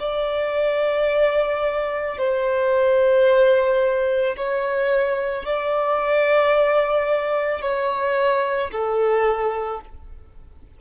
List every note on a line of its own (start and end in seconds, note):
0.00 2.18 D5
2.18 4.36 C5
4.37 5.46 C#5
5.46 7.62 D5
7.62 8.71 C#5
8.72 9.81 A4